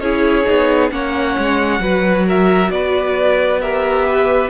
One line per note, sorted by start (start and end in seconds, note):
0.00 0.45 C#4
0.00 0.46 E4
0.00 0.92 G#4
0.00 0.90 C#5
0.46 0.91 B3
0.46 0.90 D#4
0.90 1.36 A#3
0.90 1.80 C#4
0.90 1.82 C#5
0.90 2.26 F#5
1.38 1.80 G#3
1.80 2.69 F#3
1.80 3.60 F#4
1.80 2.26 B4
2.26 2.71 A#4
2.26 2.71 E5
2.70 4.49 B3
2.70 3.61 B4
2.70 3.60 D5
3.61 4.50 G4
3.61 4.06 A#4
3.61 4.50 E5
4.06 4.50 B4